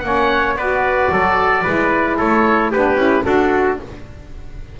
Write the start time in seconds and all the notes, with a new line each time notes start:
0.00 A#3 C#4 F#5
0.06 C#5
0.56 B3 F#4 B4 D5
1.11 F#3 A4
1.63 G#3 E4 B4
2.17 A3 A4 C#5
2.71 B3 D4 G4 B4
2.96 C#4 E4
3.25 D4 F#4 A4